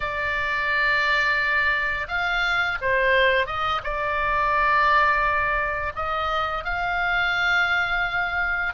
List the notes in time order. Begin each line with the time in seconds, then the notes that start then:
0.00 D5
2.08 F5
2.81 C5
3.46 D#5
3.83 D5
5.95 D#5
6.64 F5